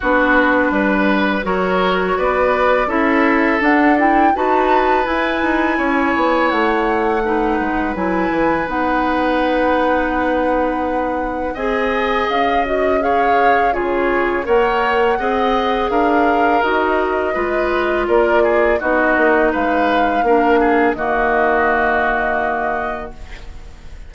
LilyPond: <<
  \new Staff \with { instrumentName = "flute" } { \time 4/4 \tempo 4 = 83 b'2 cis''4 d''4 | e''4 fis''8 g''8 a''4 gis''4~ | gis''4 fis''2 gis''4 | fis''1 |
gis''4 f''8 dis''8 f''4 cis''4 | fis''2 f''4 dis''4~ | dis''4 d''4 dis''4 f''4~ | f''4 dis''2. | }
  \new Staff \with { instrumentName = "oboe" } { \time 4/4 fis'4 b'4 ais'4 b'4 | a'2 b'2 | cis''2 b'2~ | b'1 |
dis''2 cis''4 gis'4 | cis''4 dis''4 ais'2 | b'4 ais'8 gis'8 fis'4 b'4 | ais'8 gis'8 fis'2. | }
  \new Staff \with { instrumentName = "clarinet" } { \time 4/4 d'2 fis'2 | e'4 d'8 e'8 fis'4 e'4~ | e'2 dis'4 e'4 | dis'1 |
gis'4. fis'8 gis'4 f'4 | ais'4 gis'2 fis'4 | f'2 dis'2 | d'4 ais2. | }
  \new Staff \with { instrumentName = "bassoon" } { \time 4/4 b4 g4 fis4 b4 | cis'4 d'4 dis'4 e'8 dis'8 | cis'8 b8 a4. gis8 fis8 e8 | b1 |
c'4 cis'2 cis4 | ais4 c'4 d'4 dis'4 | gis4 ais4 b8 ais8 gis4 | ais4 dis2. | }
>>